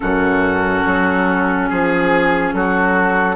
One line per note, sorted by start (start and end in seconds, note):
0.00 0.85 F#2
0.00 3.35 C#4
0.00 1.69 F#4
0.00 1.68 A4
0.85 1.70 F#3
1.68 2.53 F3
1.68 2.52 G#4
1.68 2.54 G#4
2.53 3.35 F#3
2.53 3.35 F#4
2.53 3.35 A4